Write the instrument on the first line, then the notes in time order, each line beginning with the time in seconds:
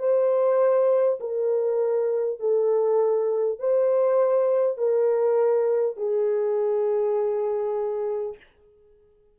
horn
0.00 C5
1.21 A#4
2.40 A4
3.59 C5
4.78 A#4
5.97 G#4